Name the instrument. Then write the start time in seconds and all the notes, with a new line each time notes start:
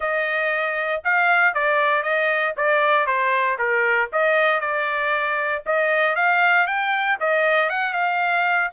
trumpet
0.00 D#5
1.03 F5
1.53 D5
2.02 D#5
2.56 D5
3.06 C5
3.58 A#4
4.12 D#5
4.60 D5
5.66 D#5
6.15 F5
6.66 G5
7.19 D#5
7.69 F#5
7.93 F5